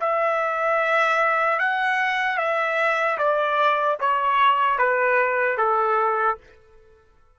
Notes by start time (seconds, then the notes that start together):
0.00 E5
1.59 F#5
2.38 E5
3.18 D5
4.00 C#5
4.79 B4
5.58 A4